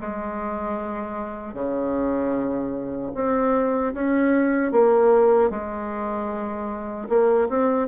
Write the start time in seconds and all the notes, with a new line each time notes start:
0.00 G#3
1.54 C#3
3.14 C4
3.93 C#4
4.72 A#3
5.50 G#3
7.09 A#3
7.49 C4